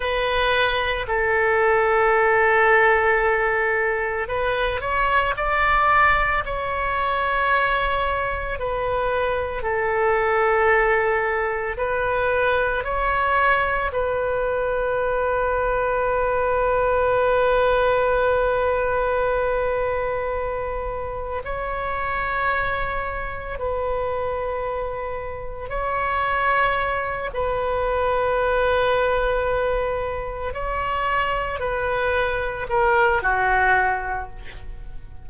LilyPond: \new Staff \with { instrumentName = "oboe" } { \time 4/4 \tempo 4 = 56 b'4 a'2. | b'8 cis''8 d''4 cis''2 | b'4 a'2 b'4 | cis''4 b'2.~ |
b'1 | cis''2 b'2 | cis''4. b'2~ b'8~ | b'8 cis''4 b'4 ais'8 fis'4 | }